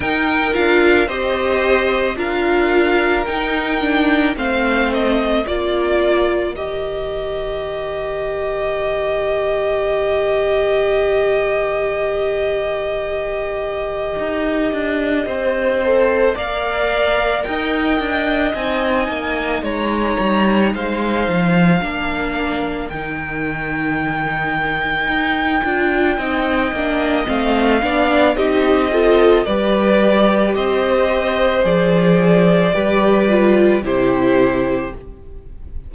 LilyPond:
<<
  \new Staff \with { instrumentName = "violin" } { \time 4/4 \tempo 4 = 55 g''8 f''8 dis''4 f''4 g''4 | f''8 dis''8 d''4 dis''2~ | dis''1~ | dis''2. f''4 |
g''4 gis''4 ais''4 f''4~ | f''4 g''2.~ | g''4 f''4 dis''4 d''4 | dis''4 d''2 c''4 | }
  \new Staff \with { instrumentName = "violin" } { \time 4/4 ais'4 c''4 ais'2 | c''4 ais'2.~ | ais'1~ | ais'2 c''4 d''4 |
dis''2 cis''4 c''4 | ais'1 | dis''4. d''8 g'8 a'8 b'4 | c''2 b'4 g'4 | }
  \new Staff \with { instrumentName = "viola" } { \time 4/4 dis'8 f'8 g'4 f'4 dis'8 d'8 | c'4 f'4 g'2~ | g'1~ | g'2~ g'8 a'8 ais'4~ |
ais'4 dis'2. | d'4 dis'2~ dis'8 f'8 | dis'8 d'8 c'8 d'8 dis'8 f'8 g'4~ | g'4 gis'4 g'8 f'8 e'4 | }
  \new Staff \with { instrumentName = "cello" } { \time 4/4 dis'8 d'8 c'4 d'4 dis'4 | a4 ais4 dis2~ | dis1~ | dis4 dis'8 d'8 c'4 ais4 |
dis'8 d'8 c'8 ais8 gis8 g8 gis8 f8 | ais4 dis2 dis'8 d'8 | c'8 ais8 a8 b8 c'4 g4 | c'4 f4 g4 c4 | }
>>